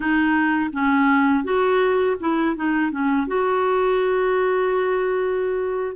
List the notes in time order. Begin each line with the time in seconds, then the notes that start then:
0.00 D#4
0.72 C#4
1.44 F#4
2.19 E4
2.55 D#4
2.91 C#4
3.27 F#4